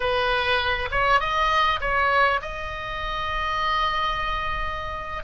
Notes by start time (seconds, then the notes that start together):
0.00 B4
0.91 C#5
1.19 D#5
1.80 C#5
2.41 D#5